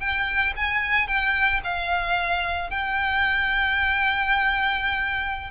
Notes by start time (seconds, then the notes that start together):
0.00 G5
0.56 G#5
1.07 G5
1.64 F5
2.70 G5